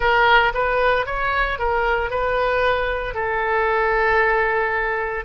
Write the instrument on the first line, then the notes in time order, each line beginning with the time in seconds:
oboe
0.00 A#4
0.54 B4
1.06 C#5
1.58 A#4
2.10 B4
3.14 A4